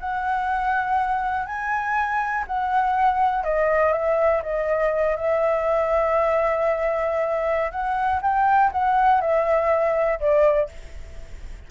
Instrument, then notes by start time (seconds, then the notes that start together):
flute
0.00 F#5
1.46 G#5
2.47 F#5
3.44 D#5
3.93 E5
4.43 D#5
5.16 E5
7.72 F#5
8.22 G5
8.72 F#5
9.21 E5
10.20 D5